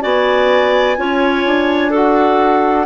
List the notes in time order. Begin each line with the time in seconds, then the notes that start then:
0.00 B3 F#4 D5 G#5
0.96 C#4 F4 C#5
1.45 D4
1.90 F#4 A4 F#5